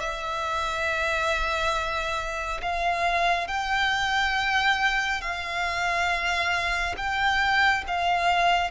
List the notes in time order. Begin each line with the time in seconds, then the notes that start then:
0.00 E5
2.62 F5
3.47 G5
5.21 F5
6.97 G5
7.87 F5